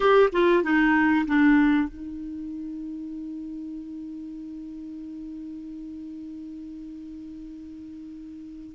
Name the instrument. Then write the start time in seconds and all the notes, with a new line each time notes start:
clarinet
0.00 G4
0.32 F4
0.62 D#4
1.27 D4
1.88 D#4